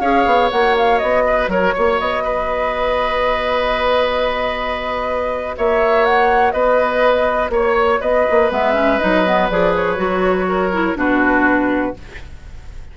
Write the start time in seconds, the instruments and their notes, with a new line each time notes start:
0.00 bassoon C#4, clarinet G#4, oboe C#5, flute F5
0.26 bassoon B3
0.50 bassoon A#3, clarinet F#4, flute F#5
0.77 flute F5
0.98 bassoon B3, flute D#5
1.26 oboe B4
1.47 bassoon F#3, oboe A#4, flute C#5
1.74 bassoon A#3, oboe C#5
1.99 bassoon B3, flute D#5
2.23 oboe B4
5.57 bassoon A#3, oboe C#5, flute E5
6.05 flute F#5
6.51 bassoon B3, oboe B4, flute D#5
7.49 bassoon A#3, oboe C#5, flute C#5
8.00 bassoon B3, oboe B4, flute D#5
8.30 bassoon A#3
8.50 bassoon G#3, clarinet B3, flute E5
8.73 clarinet C#4
8.98 bassoon F#3, clarinet D#4, flute D#5
9.26 clarinet B3
9.49 bassoon F3, clarinet G#4, flute D5
9.75 flute C#5
9.96 bassoon F#3, clarinet F#4
10.48 oboe A#4
10.73 clarinet E4
10.95 bassoon B2, clarinet D4, oboe F#4, flute B4